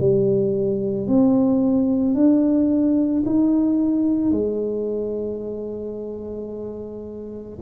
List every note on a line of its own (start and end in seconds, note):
0.00 1.08 G3
1.08 2.15 C4
2.15 3.24 D4
3.26 4.32 D#4
4.32 7.59 G#3